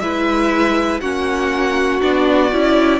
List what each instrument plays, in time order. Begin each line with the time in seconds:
0.00 cello G#3, viola E4, violin B4 E5
1.01 cello A#3, viola C#4, violin F#4 F#5
2.01 cello B3, viola D4, violin D5
2.52 cello C#4, viola E4